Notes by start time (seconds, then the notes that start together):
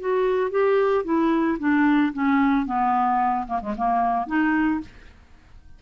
0.00 F#4
0.51 G4
1.04 E4
1.59 D4
2.13 C#4
2.66 B3
3.47 A#3
3.62 G#3
3.77 A#3
4.27 D#4